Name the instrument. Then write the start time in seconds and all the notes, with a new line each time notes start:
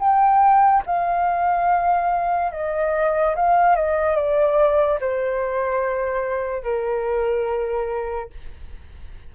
flute
0.00 G5
0.86 F5
2.52 D#5
3.36 F5
3.76 D#5
4.16 D5
5.01 C5
6.64 A#4